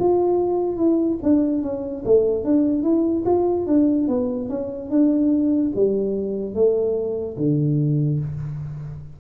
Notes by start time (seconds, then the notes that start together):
0.00 F4
0.77 E4
1.23 D4
1.63 C#4
2.05 A3
2.45 D4
2.83 E4
3.26 F4
3.67 D4
4.08 B3
4.49 C#4
4.91 D4
5.76 G3
6.55 A3
7.38 D3